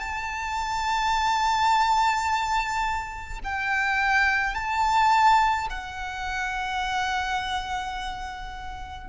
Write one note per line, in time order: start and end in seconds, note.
0.00 3.40 A5
3.44 4.55 G5
4.55 5.68 A5
5.70 9.09 F#5